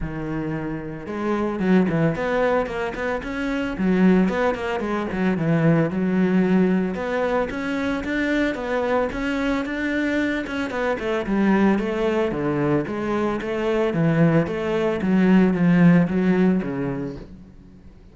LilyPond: \new Staff \with { instrumentName = "cello" } { \time 4/4 \tempo 4 = 112 dis2 gis4 fis8 e8 | b4 ais8 b8 cis'4 fis4 | b8 ais8 gis8 fis8 e4 fis4~ | fis4 b4 cis'4 d'4 |
b4 cis'4 d'4. cis'8 | b8 a8 g4 a4 d4 | gis4 a4 e4 a4 | fis4 f4 fis4 cis4 | }